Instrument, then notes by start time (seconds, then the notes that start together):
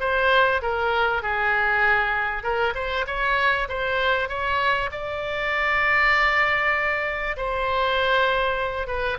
oboe
0.00 C5
0.62 A#4
1.22 G#4
2.43 A#4
2.75 C5
3.07 C#5
3.69 C5
4.29 C#5
4.91 D5
7.37 C5
8.87 B4